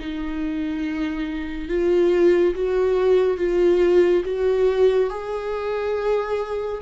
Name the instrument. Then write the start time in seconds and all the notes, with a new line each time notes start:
viola
0.00 D#4
1.69 F4
2.55 F#4
3.38 F4
4.25 F#4
5.10 G#4